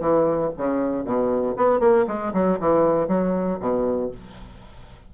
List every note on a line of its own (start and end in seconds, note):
0.00 0.51 E3
0.57 1.04 C#3
1.04 1.55 B2
1.56 1.80 B3
1.80 2.05 A#3
2.07 2.33 G#3
2.33 2.59 F#3
2.60 3.08 E3
3.08 3.58 F#3
3.60 4.11 B2